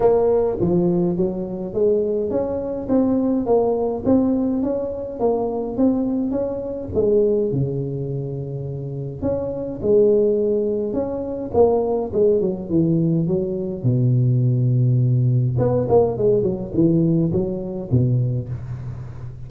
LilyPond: \new Staff \with { instrumentName = "tuba" } { \time 4/4 \tempo 4 = 104 ais4 f4 fis4 gis4 | cis'4 c'4 ais4 c'4 | cis'4 ais4 c'4 cis'4 | gis4 cis2. |
cis'4 gis2 cis'4 | ais4 gis8 fis8 e4 fis4 | b,2. b8 ais8 | gis8 fis8 e4 fis4 b,4 | }